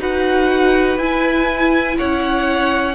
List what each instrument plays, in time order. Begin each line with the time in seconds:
0.00 cello D#4, viola F#4, violin B4 F#5
0.98 cello E4, viola E4, violin G#5
1.98 cello C#4, violin C#5 F#5